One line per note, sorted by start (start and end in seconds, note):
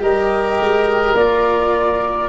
0.00 0.59 G3
0.00 1.15 G4
0.00 2.29 A#4
0.00 1.16 D#5
0.60 1.14 G#3
1.14 2.29 A#3
1.14 2.29 F4
1.14 2.29 D5